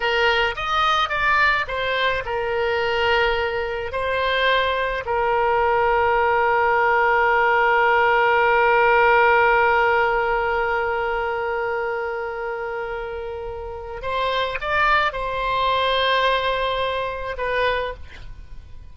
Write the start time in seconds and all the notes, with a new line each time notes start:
0.00 A#4
0.55 D#5
1.09 D5
1.67 C5
2.25 A#4
3.92 C5
5.05 A#4
14.02 C5
14.60 D5
15.12 C5
17.37 B4